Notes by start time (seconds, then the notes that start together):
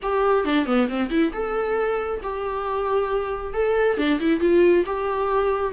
0.02 G4
0.44 D4
0.66 B3
0.88 C4
1.09 E4
1.32 A4
2.22 G4
3.53 A4
3.97 D4
4.20 E4
4.40 F4
4.85 G4